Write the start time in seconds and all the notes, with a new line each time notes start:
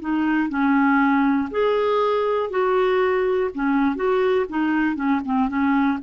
0.00 D#4
0.49 C#4
1.51 G#4
2.50 F#4
3.55 C#4
3.96 F#4
4.50 D#4
4.95 C#4
5.25 C4
5.49 C#4